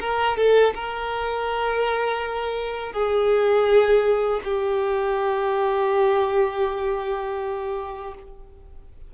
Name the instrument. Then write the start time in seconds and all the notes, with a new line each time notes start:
violin
0.00 A#4
0.37 A4
0.75 A#4
2.93 G#4
4.44 G4